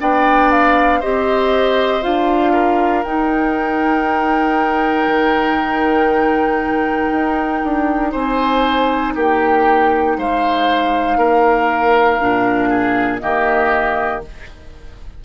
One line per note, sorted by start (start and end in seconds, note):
0.00 1.03 B3
0.00 1.02 D4
0.00 1.00 D5
0.00 0.51 G5
0.51 1.02 F5
1.00 2.05 C4
1.00 2.02 G4
1.00 2.52 C5
1.00 2.03 D#5
2.02 3.05 D4
2.02 3.04 F4
2.02 3.03 F5
2.53 8.12 A#4
3.03 5.07 D#4
3.03 12.21 D#4
3.03 8.12 G5
5.07 7.11 D#3
7.11 7.62 D#4
7.64 8.14 D4
8.12 9.15 C4
8.12 9.13 C5
8.12 9.15 G#5
9.15 10.17 A#3
9.15 10.17 G4
9.15 10.18 G5
10.17 11.17 G#3
10.17 11.18 C5
10.17 13.19 F5
11.17 12.19 A#3
11.17 12.69 A#4
12.21 13.23 A#2
12.21 13.20 D4
12.69 13.20 G#4
13.19 14.25 D#3
13.19 14.22 A#3
13.19 14.25 G4
13.19 14.21 D#5